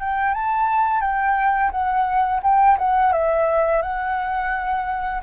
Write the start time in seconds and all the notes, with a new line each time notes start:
0.00 G5
0.34 A5
1.01 G5
1.71 F#5
2.43 G5
2.79 F#5
3.13 E5
3.82 F#5